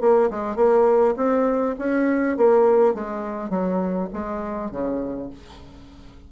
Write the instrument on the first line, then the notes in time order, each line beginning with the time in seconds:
bassoon
0.00 A#3
0.30 G#3
0.56 A#3
1.16 C4
1.78 C#4
2.37 A#3
2.94 G#3
3.49 F#3
4.13 G#3
4.71 C#3